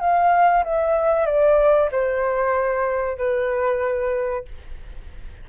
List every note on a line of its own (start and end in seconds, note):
0.00 0.64 F5
0.64 1.26 E5
1.26 1.90 D5
1.92 3.18 C5
3.18 4.45 B4